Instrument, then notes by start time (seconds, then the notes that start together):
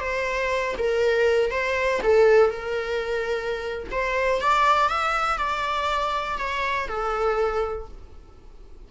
viola
0.00 C5
0.78 A#4
1.51 C5
2.03 A4
2.50 A#4
3.91 C5
4.41 D5
4.89 E5
5.38 D5
6.38 C#5
6.88 A4